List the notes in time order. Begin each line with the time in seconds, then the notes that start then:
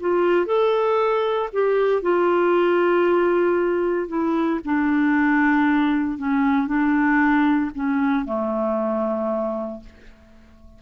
0.00 F4
0.46 A4
1.53 G4
2.02 F4
4.08 E4
4.65 D4
6.18 C#4
6.67 D4
7.75 C#4
8.25 A3